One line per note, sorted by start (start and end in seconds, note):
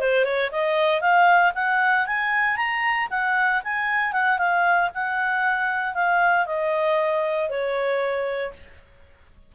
0.00 0.24 C5
0.24 0.50 C#5
0.51 1.01 D#5
1.01 1.53 F5
1.54 2.06 F#5
2.06 2.56 G#5
2.56 3.08 A#5
3.10 3.62 F#5
3.63 4.12 G#5
4.12 4.38 F#5
4.38 4.90 F5
4.94 5.94 F#5
5.94 6.45 F5
6.45 7.49 D#5
7.49 8.52 C#5